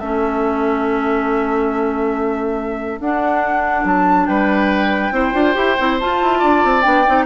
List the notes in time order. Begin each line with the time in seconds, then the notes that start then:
0.00 A3 C#4 A4 E5
3.00 D4 F#5
3.85 F#3 A5
4.27 G3 B4 G5
5.12 C4 E4 C5
5.33 D4 F4
5.54 E4 G4
5.79 C4 E4
6.00 F4 A5
6.22 E4
6.39 D4 D5
6.64 C4
6.82 B3 D4 G5
7.07 C4 D#4